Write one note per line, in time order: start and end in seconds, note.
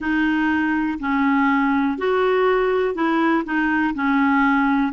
0.00 0.98 D#4
0.99 1.98 C#4
1.98 2.95 F#4
2.95 3.44 E4
3.44 3.93 D#4
3.94 4.92 C#4